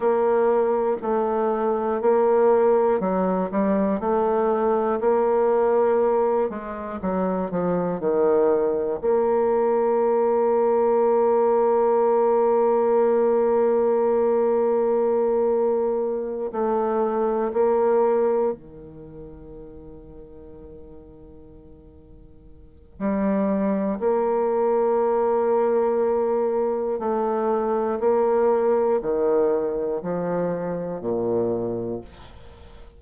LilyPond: \new Staff \with { instrumentName = "bassoon" } { \time 4/4 \tempo 4 = 60 ais4 a4 ais4 fis8 g8 | a4 ais4. gis8 fis8 f8 | dis4 ais2.~ | ais1~ |
ais8 a4 ais4 dis4.~ | dis2. g4 | ais2. a4 | ais4 dis4 f4 ais,4 | }